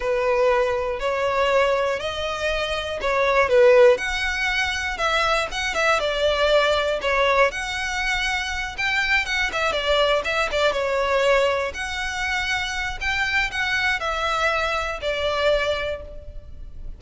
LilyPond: \new Staff \with { instrumentName = "violin" } { \time 4/4 \tempo 4 = 120 b'2 cis''2 | dis''2 cis''4 b'4 | fis''2 e''4 fis''8 e''8 | d''2 cis''4 fis''4~ |
fis''4. g''4 fis''8 e''8 d''8~ | d''8 e''8 d''8 cis''2 fis''8~ | fis''2 g''4 fis''4 | e''2 d''2 | }